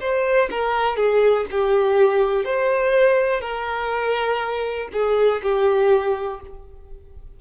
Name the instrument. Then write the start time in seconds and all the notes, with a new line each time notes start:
violin
0.00 C5
0.51 A#4
0.97 G#4
1.51 G4
2.45 C5
3.41 A#4
4.92 G#4
5.42 G4